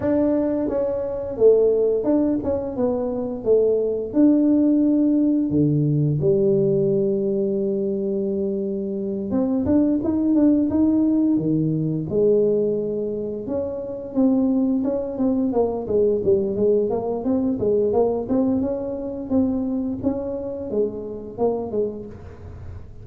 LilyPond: \new Staff \with { instrumentName = "tuba" } { \time 4/4 \tempo 4 = 87 d'4 cis'4 a4 d'8 cis'8 | b4 a4 d'2 | d4 g2.~ | g4. c'8 d'8 dis'8 d'8 dis'8~ |
dis'8 dis4 gis2 cis'8~ | cis'8 c'4 cis'8 c'8 ais8 gis8 g8 | gis8 ais8 c'8 gis8 ais8 c'8 cis'4 | c'4 cis'4 gis4 ais8 gis8 | }